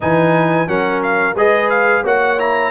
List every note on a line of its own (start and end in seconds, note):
0.00 0.68 E3
0.00 0.67 D#4
0.00 0.68 B4
0.00 0.68 G#5
0.67 1.35 F#3
0.67 1.35 C#4
0.67 1.36 A#4
0.67 1.02 F#5
1.03 1.37 F5
1.35 2.03 G#3
1.35 2.05 G#4
1.35 2.03 B4
1.35 1.69 D#5
1.69 2.03 F5
2.03 2.71 A#3
2.03 2.38 F#4
2.03 2.71 C#5
2.03 2.39 F#5
2.38 2.71 E4
2.38 2.71 A#5